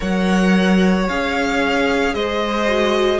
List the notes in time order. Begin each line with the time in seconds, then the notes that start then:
0.00 F#3 A#4 C#5 F#5
1.08 C#4 G#4 F5
2.14 G#3 C5 D#5
2.68 F#4